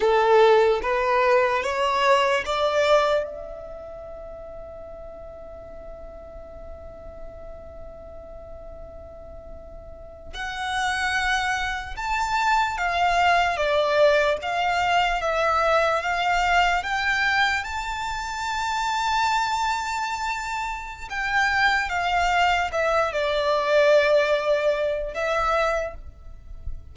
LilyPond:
\new Staff \with { instrumentName = "violin" } { \time 4/4 \tempo 4 = 74 a'4 b'4 cis''4 d''4 | e''1~ | e''1~ | e''8. fis''2 a''4 f''16~ |
f''8. d''4 f''4 e''4 f''16~ | f''8. g''4 a''2~ a''16~ | a''2 g''4 f''4 | e''8 d''2~ d''8 e''4 | }